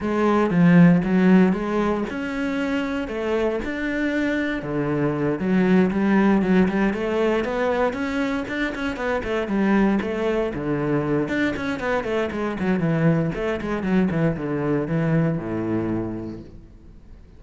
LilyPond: \new Staff \with { instrumentName = "cello" } { \time 4/4 \tempo 4 = 117 gis4 f4 fis4 gis4 | cis'2 a4 d'4~ | d'4 d4. fis4 g8~ | g8 fis8 g8 a4 b4 cis'8~ |
cis'8 d'8 cis'8 b8 a8 g4 a8~ | a8 d4. d'8 cis'8 b8 a8 | gis8 fis8 e4 a8 gis8 fis8 e8 | d4 e4 a,2 | }